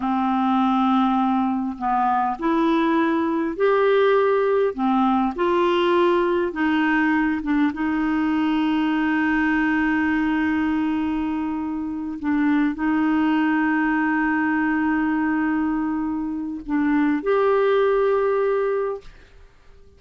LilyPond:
\new Staff \with { instrumentName = "clarinet" } { \time 4/4 \tempo 4 = 101 c'2. b4 | e'2 g'2 | c'4 f'2 dis'4~ | dis'8 d'8 dis'2.~ |
dis'1~ | dis'8 d'4 dis'2~ dis'8~ | dis'1 | d'4 g'2. | }